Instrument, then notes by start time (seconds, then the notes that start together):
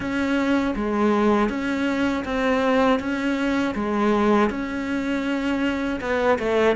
cello
0.00 C#4
0.75 G#3
1.49 C#4
2.25 C4
2.99 C#4
3.75 G#3
4.50 C#4
6.00 B3
6.39 A3